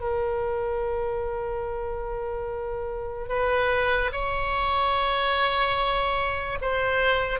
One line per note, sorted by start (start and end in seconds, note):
0.00 3.29 A#4
3.29 4.11 B4
4.12 6.59 C#5
6.61 7.39 C5